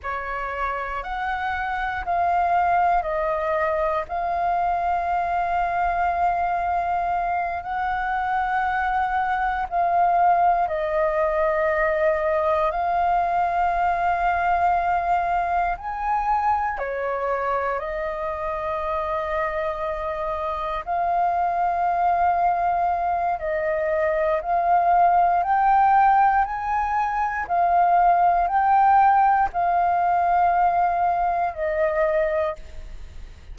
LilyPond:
\new Staff \with { instrumentName = "flute" } { \time 4/4 \tempo 4 = 59 cis''4 fis''4 f''4 dis''4 | f''2.~ f''8 fis''8~ | fis''4. f''4 dis''4.~ | dis''8 f''2. gis''8~ |
gis''8 cis''4 dis''2~ dis''8~ | dis''8 f''2~ f''8 dis''4 | f''4 g''4 gis''4 f''4 | g''4 f''2 dis''4 | }